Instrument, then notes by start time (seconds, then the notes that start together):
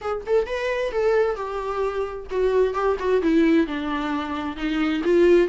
viola
0.01 G#4
0.26 A4
0.46 B4
0.91 A4
1.35 G4
2.30 F#4
2.74 G4
2.99 F#4
3.22 E4
3.66 D4
4.56 D#4
5.04 F4